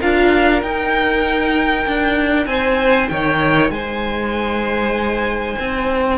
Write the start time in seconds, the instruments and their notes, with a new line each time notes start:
0.00 cello D4, viola F4, violin A#4 F5
0.62 cello D#4, viola D#4, violin G5
1.87 cello D4
2.46 cello C4, violin C5 G#5
3.08 cello D#3, violin C#5 G5
3.70 cello G#3, violin C5 G#5
5.59 cello C4